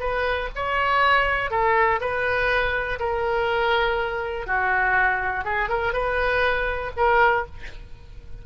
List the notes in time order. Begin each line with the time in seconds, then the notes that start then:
0.00 B4
0.55 C#5
1.51 A4
2.01 B4
3.00 A#4
4.47 F#4
5.45 G#4
5.69 A#4
5.93 B4
6.97 A#4